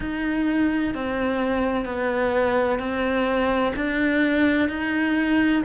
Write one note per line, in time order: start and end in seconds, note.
0.00 0.94 D#4
0.94 1.85 C4
1.85 2.79 B3
2.79 3.72 C4
3.75 4.68 D4
4.68 5.62 D#4